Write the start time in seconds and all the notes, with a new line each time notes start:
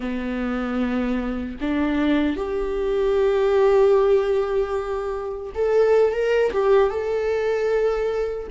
0.00 B3
1.60 D4
2.36 G4
5.54 A4
6.12 A#4
6.52 G4
6.89 A4